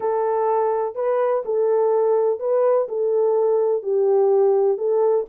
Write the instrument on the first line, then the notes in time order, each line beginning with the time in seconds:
horn
0.00 A4
0.95 B4
1.45 A4
2.39 B4
2.88 A4
3.83 G4
4.77 A4